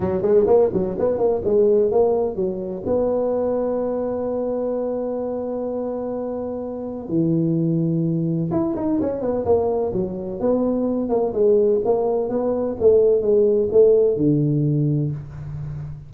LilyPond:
\new Staff \with { instrumentName = "tuba" } { \time 4/4 \tempo 4 = 127 fis8 gis8 ais8 fis8 b8 ais8 gis4 | ais4 fis4 b2~ | b1~ | b2. e4~ |
e2 e'8 dis'8 cis'8 b8 | ais4 fis4 b4. ais8 | gis4 ais4 b4 a4 | gis4 a4 d2 | }